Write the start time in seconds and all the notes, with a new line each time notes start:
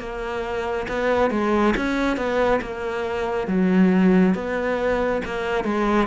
0.00 A#3
0.88 B3
1.31 G#3
1.77 C#4
2.17 B3
2.61 A#3
3.47 F#3
4.35 B3
5.25 A#3
5.64 G#3